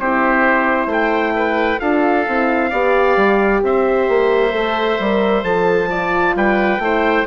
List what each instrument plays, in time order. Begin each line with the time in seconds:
0.00 bassoon C4, horn E4, oboe G4, trumpet C5
0.87 bassoon A3, oboe C5, trumpet G5
1.36 oboe B4
1.81 bassoon D4, horn F4, oboe A4, trumpet F5
2.27 bassoon C4, horn E4
2.70 bassoon B3, horn G4, oboe D5
3.17 bassoon G3
3.63 bassoon C4, oboe C5, trumpet E5
4.09 bassoon A#3
4.52 bassoon A3, horn A4
5.00 bassoon G3, horn A#4
5.44 bassoon F3, horn A4, trumpet A5
5.90 horn F4, oboe D5
6.36 bassoon G3, oboe B4, trumpet G5
6.79 bassoon A3, horn E4, oboe C5